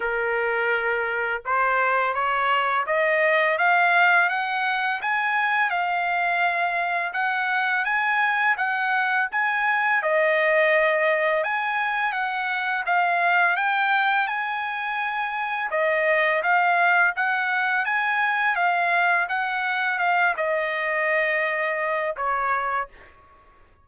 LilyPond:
\new Staff \with { instrumentName = "trumpet" } { \time 4/4 \tempo 4 = 84 ais'2 c''4 cis''4 | dis''4 f''4 fis''4 gis''4 | f''2 fis''4 gis''4 | fis''4 gis''4 dis''2 |
gis''4 fis''4 f''4 g''4 | gis''2 dis''4 f''4 | fis''4 gis''4 f''4 fis''4 | f''8 dis''2~ dis''8 cis''4 | }